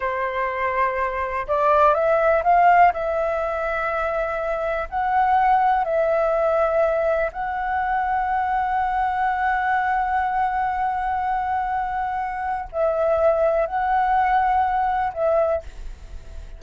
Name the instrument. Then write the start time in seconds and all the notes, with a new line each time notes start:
flute
0.00 C5
1.47 D5
1.94 E5
2.43 F5
2.93 E5
4.89 F#5
5.84 E5
7.32 F#5
12.72 E5
13.66 F#5
15.13 E5